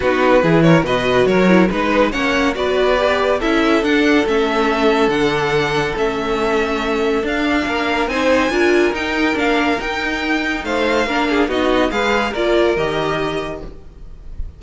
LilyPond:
<<
  \new Staff \with { instrumentName = "violin" } { \time 4/4 \tempo 4 = 141 b'4. cis''8 dis''4 cis''4 | b'4 fis''4 d''2 | e''4 fis''4 e''2 | fis''2 e''2~ |
e''4 f''2 gis''4~ | gis''4 g''4 f''4 g''4~ | g''4 f''2 dis''4 | f''4 d''4 dis''2 | }
  \new Staff \with { instrumentName = "violin" } { \time 4/4 fis'4 gis'8 ais'8 b'4 ais'4 | b'4 cis''4 b'2 | a'1~ | a'1~ |
a'2 ais'4 c''4 | ais'1~ | ais'4 c''4 ais'8 gis'8 fis'4 | b'4 ais'2. | }
  \new Staff \with { instrumentName = "viola" } { \time 4/4 dis'4 e'4 fis'4. e'8 | dis'4 cis'4 fis'4 g'4 | e'4 d'4 cis'2 | d'2 cis'2~ |
cis'4 d'2 dis'4 | f'4 dis'4 d'4 dis'4~ | dis'2 d'4 dis'4 | gis'4 f'4 g'2 | }
  \new Staff \with { instrumentName = "cello" } { \time 4/4 b4 e4 b,4 fis4 | gis4 ais4 b2 | cis'4 d'4 a2 | d2 a2~ |
a4 d'4 ais4 c'4 | d'4 dis'4 ais4 dis'4~ | dis'4 a4 ais4 b4 | gis4 ais4 dis2 | }
>>